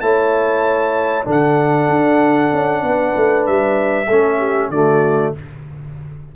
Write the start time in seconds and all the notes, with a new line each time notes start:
0.00 A3 E4 C#5 A5
1.24 D3 D4 A4
1.31 F#5
1.89 D4
2.52 C#4
2.83 B3 B4
3.16 A3
3.46 G3 E5
4.07 A3 C#4 A4
4.38 G4
4.69 D3 A3 F#4 D5